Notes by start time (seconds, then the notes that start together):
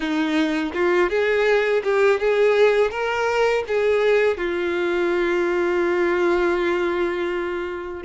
0.00 D#4
0.74 F4
1.09 G#4
1.83 G4
2.20 G#4
2.90 A#4
3.68 G#4
4.37 F4